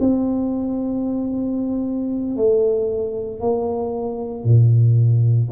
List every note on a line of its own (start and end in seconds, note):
0.00 2.36 C4
2.36 3.40 A3
3.40 4.44 A#3
4.44 5.49 A#2